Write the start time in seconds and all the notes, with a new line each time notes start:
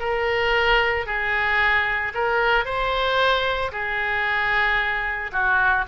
0.00 A#4
1.06 G#4
2.14 A#4
2.65 C5
3.72 G#4
5.32 F#4